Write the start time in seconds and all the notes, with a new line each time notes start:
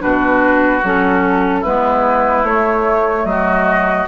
0.00 B2 D4 F#4 B4
0.83 F#3 C#4 A4
1.60 B3 E4 B4
1.66 G#3
2.44 A3 C#5
3.25 F#3 F#4 D#5